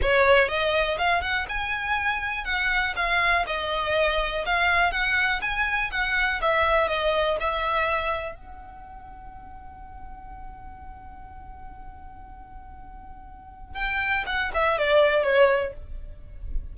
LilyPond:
\new Staff \with { instrumentName = "violin" } { \time 4/4 \tempo 4 = 122 cis''4 dis''4 f''8 fis''8 gis''4~ | gis''4 fis''4 f''4 dis''4~ | dis''4 f''4 fis''4 gis''4 | fis''4 e''4 dis''4 e''4~ |
e''4 fis''2.~ | fis''1~ | fis''1 | g''4 fis''8 e''8 d''4 cis''4 | }